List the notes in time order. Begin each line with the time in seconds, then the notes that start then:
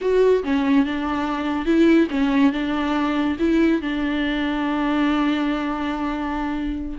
0.01 F#4
0.43 C#4
0.85 D4
1.65 E4
2.10 C#4
2.52 D4
3.39 E4
3.81 D4